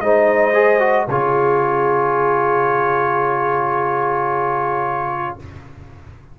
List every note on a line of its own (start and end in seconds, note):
0.00 1.07 G#3
0.00 0.53 D#4
0.00 1.08 C5
0.00 1.08 D#5
0.53 0.79 G#4
0.79 1.06 F#4
1.08 5.36 C#3
1.08 5.39 F4
1.08 5.36 G#4
1.08 5.38 C#5